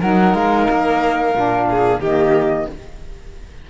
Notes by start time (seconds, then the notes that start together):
0.00 F#3 D#4 A#4 F#5
0.35 G#3 F5
0.70 A#3
1.35 A#2 D4
1.70 G#4
1.99 D#3 A#3 G4 D#5